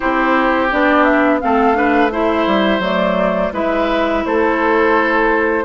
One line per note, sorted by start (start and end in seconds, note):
0.00 0.72 C4
0.00 0.70 E4
0.00 1.39 G4
0.00 0.69 C5
0.70 1.42 B3
0.70 1.41 D4
0.70 1.04 D5
1.04 1.39 E5
1.40 2.46 A3
1.40 1.74 C4
1.40 1.77 A4
1.40 2.10 F5
1.74 2.09 D4
1.74 2.11 B4
2.11 2.81 E4
2.11 3.53 C5
2.11 2.82 E5
2.46 2.79 G3
2.79 3.49 F#3
2.79 3.52 A3
2.79 3.53 D5
3.52 4.23 G#3
3.52 5.64 E4
3.52 4.23 B4
3.52 4.25 E5
4.25 5.64 A3
4.25 5.64 A4
4.25 5.64 C5